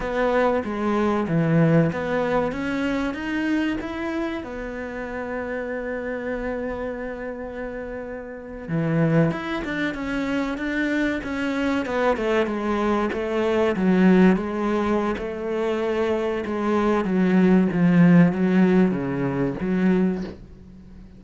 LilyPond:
\new Staff \with { instrumentName = "cello" } { \time 4/4 \tempo 4 = 95 b4 gis4 e4 b4 | cis'4 dis'4 e'4 b4~ | b1~ | b4.~ b16 e4 e'8 d'8 cis'16~ |
cis'8. d'4 cis'4 b8 a8 gis16~ | gis8. a4 fis4 gis4~ gis16 | a2 gis4 fis4 | f4 fis4 cis4 fis4 | }